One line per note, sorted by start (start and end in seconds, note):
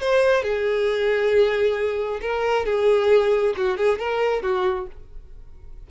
0.00 0.42 C5
0.42 2.20 G#4
2.21 2.65 A#4
2.65 3.54 G#4
3.57 3.77 F#4
3.77 3.99 G#4
3.99 4.42 A#4
4.42 4.86 F#4